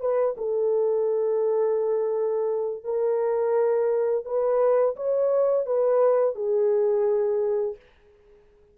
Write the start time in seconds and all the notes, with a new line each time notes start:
0.00 B4
0.37 A4
2.84 A#4
4.25 B4
4.96 C#5
5.66 B4
6.35 G#4